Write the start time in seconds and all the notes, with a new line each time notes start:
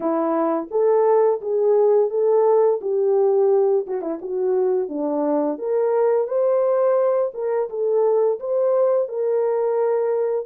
0.00 E4
0.70 A4
1.41 G#4
2.10 A4
2.81 G4
3.87 F#4
4.01 E4
4.21 F#4
4.88 D4
5.58 A#4
6.27 C5
7.34 A#4
7.69 A4
8.39 C5
9.08 A#4